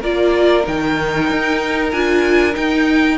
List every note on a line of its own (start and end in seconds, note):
0.00 0.67 A#3
0.00 0.63 F4
0.00 3.16 A#4
0.00 0.66 D5
0.63 1.30 D#3
0.63 1.90 D#4
0.63 1.91 G5
1.30 1.93 D#4
1.91 2.56 D4
1.91 2.53 F4
1.91 2.54 G#5
2.53 3.16 D#4
2.53 3.18 D#4
2.53 3.18 G5